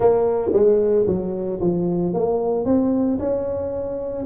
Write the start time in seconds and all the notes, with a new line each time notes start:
0.00 A#3
0.52 G#3
1.06 F#3
1.60 F3
2.13 A#3
2.65 C4
3.19 C#4